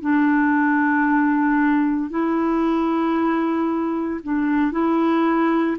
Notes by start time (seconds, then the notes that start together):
0.00 D4
2.10 E4
4.23 D4
4.71 E4